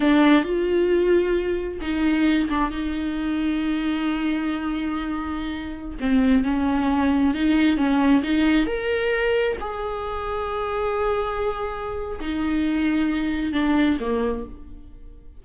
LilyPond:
\new Staff \with { instrumentName = "viola" } { \time 4/4 \tempo 4 = 133 d'4 f'2. | dis'4. d'8 dis'2~ | dis'1~ | dis'4~ dis'16 c'4 cis'4.~ cis'16~ |
cis'16 dis'4 cis'4 dis'4 ais'8.~ | ais'4~ ais'16 gis'2~ gis'8.~ | gis'2. dis'4~ | dis'2 d'4 ais4 | }